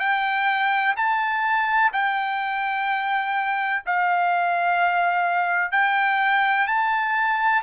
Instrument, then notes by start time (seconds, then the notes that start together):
trumpet
0.00 G5
0.97 A5
1.93 G5
3.86 F5
5.72 G5
6.68 A5